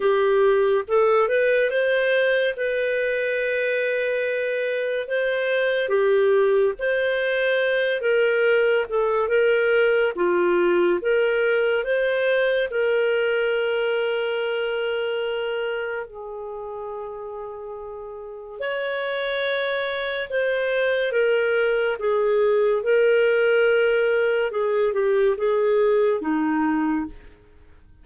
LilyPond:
\new Staff \with { instrumentName = "clarinet" } { \time 4/4 \tempo 4 = 71 g'4 a'8 b'8 c''4 b'4~ | b'2 c''4 g'4 | c''4. ais'4 a'8 ais'4 | f'4 ais'4 c''4 ais'4~ |
ais'2. gis'4~ | gis'2 cis''2 | c''4 ais'4 gis'4 ais'4~ | ais'4 gis'8 g'8 gis'4 dis'4 | }